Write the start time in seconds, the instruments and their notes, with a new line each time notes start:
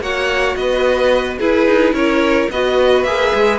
0.00 cello A#3, viola F#4, violin C#5 F#5
0.56 cello B3, violin B4 D#5
1.38 cello E4, viola E4, violin G#4 B4
1.66 cello D#4
1.93 cello C#4, violin A#4 C#5
2.50 cello B3, viola F#4, violin B4 D#5
3.03 cello A#3, viola G#4, violin E5
3.34 cello G#3